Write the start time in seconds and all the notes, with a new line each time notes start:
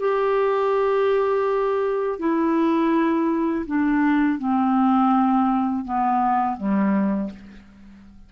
0.00 G4
2.20 E4
3.67 D4
4.39 C4
5.85 B3
6.58 G3